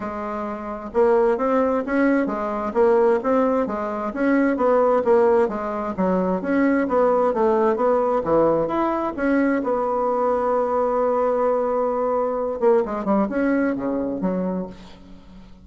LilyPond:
\new Staff \with { instrumentName = "bassoon" } { \time 4/4 \tempo 4 = 131 gis2 ais4 c'4 | cis'4 gis4 ais4 c'4 | gis4 cis'4 b4 ais4 | gis4 fis4 cis'4 b4 |
a4 b4 e4 e'4 | cis'4 b2.~ | b2.~ b8 ais8 | gis8 g8 cis'4 cis4 fis4 | }